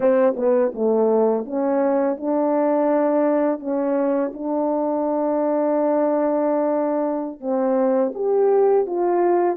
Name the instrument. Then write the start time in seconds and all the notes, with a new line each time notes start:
horn
0.00 C4
0.36 B3
0.74 A3
1.45 C#4
2.17 D4
3.59 C#4
4.33 D4
7.40 C4
8.14 G4
8.86 F4